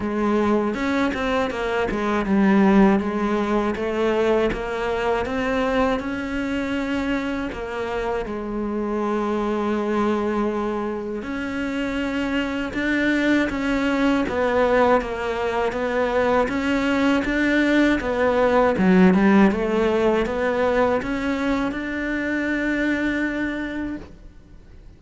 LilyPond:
\new Staff \with { instrumentName = "cello" } { \time 4/4 \tempo 4 = 80 gis4 cis'8 c'8 ais8 gis8 g4 | gis4 a4 ais4 c'4 | cis'2 ais4 gis4~ | gis2. cis'4~ |
cis'4 d'4 cis'4 b4 | ais4 b4 cis'4 d'4 | b4 fis8 g8 a4 b4 | cis'4 d'2. | }